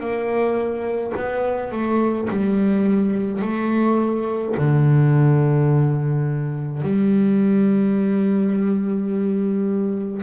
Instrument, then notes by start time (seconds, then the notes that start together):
double bass
0.00 A#3
1.17 B3
1.72 A3
2.30 G3
3.42 A3
4.57 D3
6.83 G3